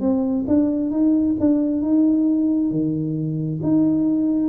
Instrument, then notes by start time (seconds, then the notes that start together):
tuba
0.00 C4
0.48 D4
0.91 D#4
1.40 D4
1.82 D#4
2.71 D#3
3.63 D#4